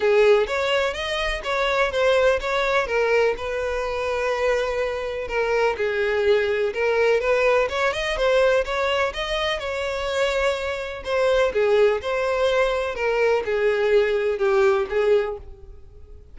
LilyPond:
\new Staff \with { instrumentName = "violin" } { \time 4/4 \tempo 4 = 125 gis'4 cis''4 dis''4 cis''4 | c''4 cis''4 ais'4 b'4~ | b'2. ais'4 | gis'2 ais'4 b'4 |
cis''8 dis''8 c''4 cis''4 dis''4 | cis''2. c''4 | gis'4 c''2 ais'4 | gis'2 g'4 gis'4 | }